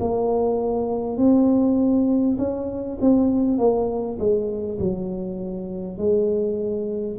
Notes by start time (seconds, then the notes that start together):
0.00 A#3
1.17 C4
2.38 C#4
3.01 C4
3.58 A#3
4.19 G#3
4.79 F#3
5.98 G#3